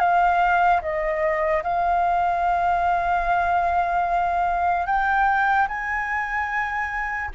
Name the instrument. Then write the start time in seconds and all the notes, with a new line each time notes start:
flute
0.00 F5
0.82 D#5
1.64 F5
4.87 G5
5.68 G#5